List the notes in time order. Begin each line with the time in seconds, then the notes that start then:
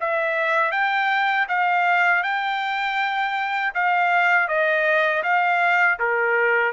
0.00 E5
0.71 G5
1.48 F5
2.23 G5
3.74 F5
4.48 D#5
5.23 F5
5.99 A#4